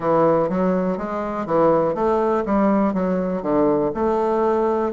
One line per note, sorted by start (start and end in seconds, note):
0.00 0.49 E3
0.49 0.97 F#3
0.97 1.45 G#3
1.45 1.94 E3
1.94 2.44 A3
2.45 2.93 G3
2.93 3.42 F#3
3.42 3.91 D3
3.94 4.92 A3